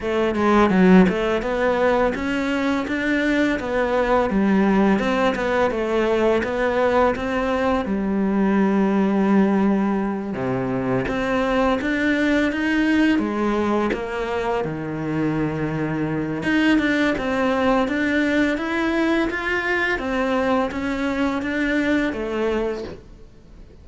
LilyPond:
\new Staff \with { instrumentName = "cello" } { \time 4/4 \tempo 4 = 84 a8 gis8 fis8 a8 b4 cis'4 | d'4 b4 g4 c'8 b8 | a4 b4 c'4 g4~ | g2~ g8 c4 c'8~ |
c'8 d'4 dis'4 gis4 ais8~ | ais8 dis2~ dis8 dis'8 d'8 | c'4 d'4 e'4 f'4 | c'4 cis'4 d'4 a4 | }